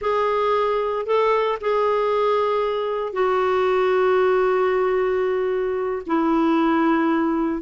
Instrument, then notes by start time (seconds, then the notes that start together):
clarinet
0.01 G#4
1.06 A4
1.61 G#4
3.12 F#4
6.06 E4